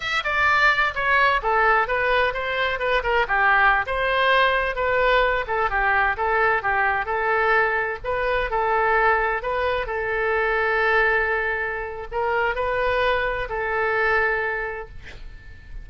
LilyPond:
\new Staff \with { instrumentName = "oboe" } { \time 4/4 \tempo 4 = 129 e''8 d''4. cis''4 a'4 | b'4 c''4 b'8 ais'8 g'4~ | g'16 c''2 b'4. a'16~ | a'16 g'4 a'4 g'4 a'8.~ |
a'4~ a'16 b'4 a'4.~ a'16~ | a'16 b'4 a'2~ a'8.~ | a'2 ais'4 b'4~ | b'4 a'2. | }